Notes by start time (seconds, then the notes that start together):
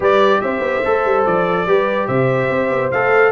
0.00 G3 G4 B4 D5
0.41 C4 C5 E5
0.60 B3
0.84 A3 A4
1.04 G3
1.25 F3 D5
1.65 G3 G4 B4
2.07 C3 C5 E5
2.49 C4
2.69 B3
2.91 A3 A4 F5